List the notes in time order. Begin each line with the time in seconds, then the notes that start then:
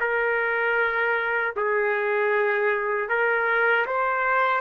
0.00 A#4
1.56 G#4
3.09 A#4
3.86 C5